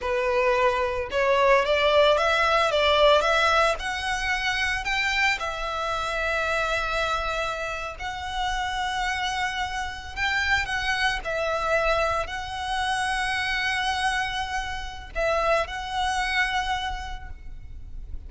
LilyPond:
\new Staff \with { instrumentName = "violin" } { \time 4/4 \tempo 4 = 111 b'2 cis''4 d''4 | e''4 d''4 e''4 fis''4~ | fis''4 g''4 e''2~ | e''2~ e''8. fis''4~ fis''16~ |
fis''2~ fis''8. g''4 fis''16~ | fis''8. e''2 fis''4~ fis''16~ | fis''1 | e''4 fis''2. | }